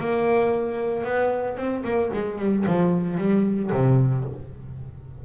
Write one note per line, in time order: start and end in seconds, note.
0.00 1.05 A#3
1.05 1.57 B3
1.57 1.84 C4
1.85 2.11 A#3
2.14 2.39 G#3
2.39 2.65 G3
2.67 3.18 F3
3.18 3.71 G3
3.72 4.26 C3